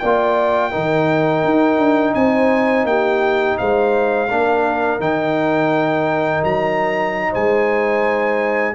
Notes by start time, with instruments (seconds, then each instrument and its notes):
0.00 tuba A#3, trombone F4, horn D5, trumpet G5
0.71 tuba D#3, trombone D#4, horn A#4
1.45 tuba D#4
1.78 tuba D4
2.15 tuba C4, horn C5, trumpet G#5
2.85 tuba A#3, horn G4, trumpet G5
3.58 tuba G#3, horn C5, trumpet F5
4.30 tuba A#3, trombone D4, horn A#4
5.00 tuba D#3, trombone D#4, trumpet G5
6.44 tuba F#3, trumpet A#5
7.31 tuba G#3, horn C5, trumpet G#5